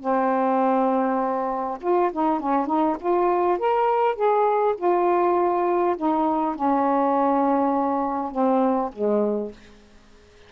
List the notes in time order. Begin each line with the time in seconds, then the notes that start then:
0.00 C4
1.81 F4
2.13 D#4
2.40 C#4
2.67 D#4
3.00 F4
3.58 A#4
4.15 G#4
4.77 F4
5.97 D#4
6.55 C#4
8.31 C4
8.92 G#3